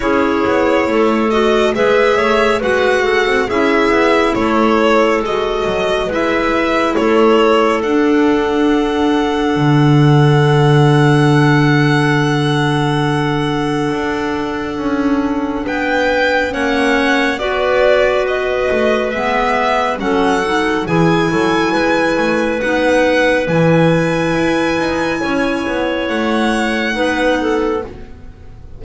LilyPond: <<
  \new Staff \with { instrumentName = "violin" } { \time 4/4 \tempo 4 = 69 cis''4. dis''8 e''4 fis''4 | e''4 cis''4 dis''4 e''4 | cis''4 fis''2.~ | fis''1~ |
fis''2 g''4 fis''4 | d''4 dis''4 e''4 fis''4 | gis''2 fis''4 gis''4~ | gis''2 fis''2 | }
  \new Staff \with { instrumentName = "clarinet" } { \time 4/4 gis'4 a'4 b'8 cis''8 b'8 a'8 | gis'4 a'2 b'4 | a'1~ | a'1~ |
a'2 b'4 cis''4 | b'2. a'4 | gis'8 a'8 b'2.~ | b'4 cis''2 b'8 a'8 | }
  \new Staff \with { instrumentName = "clarinet" } { \time 4/4 e'4. fis'8 gis'4 fis'4 | e'2 fis'4 e'4~ | e'4 d'2.~ | d'1~ |
d'2. cis'4 | fis'2 b4 cis'8 dis'8 | e'2 dis'4 e'4~ | e'2. dis'4 | }
  \new Staff \with { instrumentName = "double bass" } { \time 4/4 cis'8 b8 a4 gis8 a8 gis8. c'16 | cis'8 b8 a4 gis8 fis8 gis4 | a4 d'2 d4~ | d1 |
d'4 cis'4 b4 ais4 | b4. a8 gis4 fis4 | e8 fis8 gis8 a8 b4 e4 | e'8 dis'8 cis'8 b8 a4 b4 | }
>>